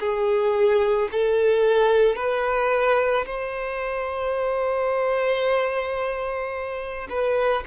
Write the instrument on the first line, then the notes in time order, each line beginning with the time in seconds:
violin
0.00 G#4
1.12 A4
2.16 B4
3.26 C5
7.10 B4